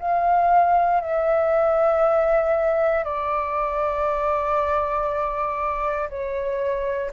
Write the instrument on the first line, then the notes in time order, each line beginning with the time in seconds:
flute
0.00 F5
1.01 E5
3.05 D5
6.10 C#5